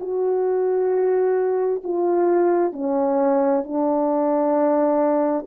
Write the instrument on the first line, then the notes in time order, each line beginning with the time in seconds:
horn
0.00 F#4
1.83 F4
2.72 C#4
3.64 D4